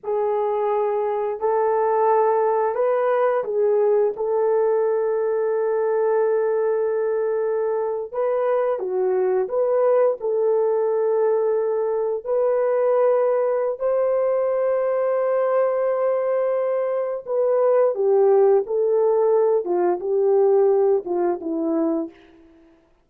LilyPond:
\new Staff \with { instrumentName = "horn" } { \time 4/4 \tempo 4 = 87 gis'2 a'2 | b'4 gis'4 a'2~ | a'2.~ a'8. b'16~ | b'8. fis'4 b'4 a'4~ a'16~ |
a'4.~ a'16 b'2~ b'16 | c''1~ | c''4 b'4 g'4 a'4~ | a'8 f'8 g'4. f'8 e'4 | }